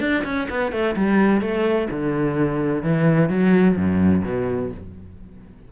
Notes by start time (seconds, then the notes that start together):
0.00 D4
0.24 C#4
0.49 B3
0.72 A3
0.96 G3
1.41 A3
1.90 D3
2.83 E3
3.29 F#3
3.76 F#2
4.24 B2